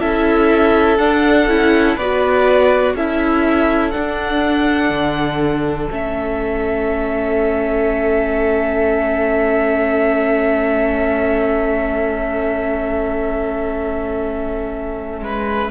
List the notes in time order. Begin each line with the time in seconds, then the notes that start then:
0.00 C#4 E4 A4 E5
0.98 D4 F#5
1.47 C#4 E4
1.96 B3 F#4 B4 D5
2.94 C#4 E4 A4 E5
3.91 D4 F#5
4.90 D3
5.90 A3 C#4 E5
15.20 G#3 B4